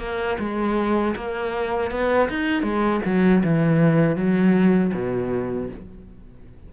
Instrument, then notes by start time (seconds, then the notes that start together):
cello
0.00 A#3
0.40 G#3
1.16 A#3
1.92 B3
2.30 D#4
2.63 G#3
3.06 F#3
3.45 E3
4.17 F#3
4.94 B2